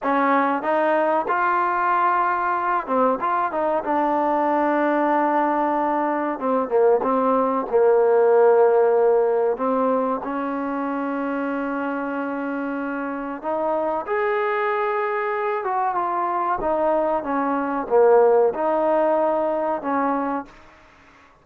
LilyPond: \new Staff \with { instrumentName = "trombone" } { \time 4/4 \tempo 4 = 94 cis'4 dis'4 f'2~ | f'8 c'8 f'8 dis'8 d'2~ | d'2 c'8 ais8 c'4 | ais2. c'4 |
cis'1~ | cis'4 dis'4 gis'2~ | gis'8 fis'8 f'4 dis'4 cis'4 | ais4 dis'2 cis'4 | }